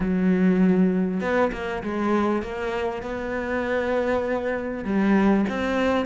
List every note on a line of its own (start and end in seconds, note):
0.00 1.21 F#3
1.21 1.51 B3
1.52 1.82 A#3
1.83 2.42 G#3
2.42 3.02 A#3
3.02 4.84 B3
4.84 5.45 G3
5.48 6.05 C4